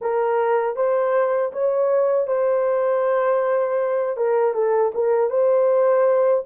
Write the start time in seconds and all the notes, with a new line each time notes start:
0.01 A#4
0.76 C5
1.52 C#5
2.27 C5
4.16 A#4
4.54 A4
4.94 A#4
5.30 C5